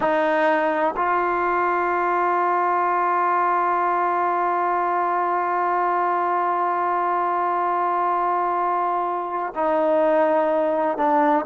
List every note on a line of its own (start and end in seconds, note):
0.00 0.94 D#4
0.96 9.53 F4
9.55 10.97 D#4
10.97 11.45 D4